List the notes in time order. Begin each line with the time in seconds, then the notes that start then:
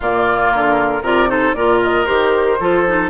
0.00 A#2 A#3 F4 D5
0.52 D3 A#4
1.01 C3 F4 A#4 D5
1.27 D#4 A4 C5
1.53 A#2 F4 A#4 D5
1.82 D#5
2.05 D#3 G4 C5
2.59 F3 F4 A4
2.86 D#4